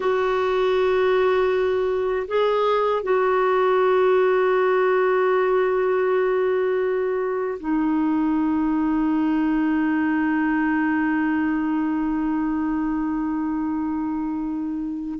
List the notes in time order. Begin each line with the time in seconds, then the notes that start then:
0.00 F#4
2.28 G#4
3.02 F#4
7.59 D#4